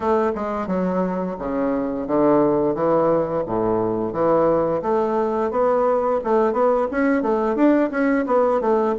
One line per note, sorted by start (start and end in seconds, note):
0.00 0.32 A3
0.34 0.67 G#3
0.67 1.36 F#3
1.39 2.07 C#3
2.07 2.74 D3
2.74 3.43 E3
3.46 4.12 A2
4.12 4.81 E3
4.82 5.50 A3
5.50 6.19 B3
6.24 6.52 A3
6.52 6.87 B3
6.91 7.22 C#4
7.22 7.55 A3
7.55 7.90 D4
7.90 8.25 C#4
8.26 8.61 B3
8.61 8.95 A3